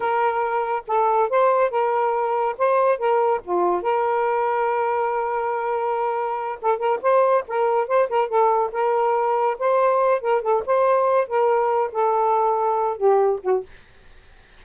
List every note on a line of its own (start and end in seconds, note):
0.00 0.83 A#4
0.87 1.29 A4
1.29 1.70 C5
1.70 2.55 A#4
2.57 2.98 C5
2.98 3.40 A#4
3.44 3.82 F4
3.82 6.58 A#4
6.61 6.78 A4
6.78 6.99 A#4
7.02 7.44 C5
7.47 7.87 A#4
7.87 8.09 C5
8.09 8.28 A#4
8.28 8.70 A4
8.72 9.57 A#4
9.59 10.21 C5
10.21 10.42 A#4
10.42 10.63 A4
10.66 11.27 C5
11.27 11.91 A#4
11.91 12.97 A4
12.97 13.39 G4
13.42 13.64 F#4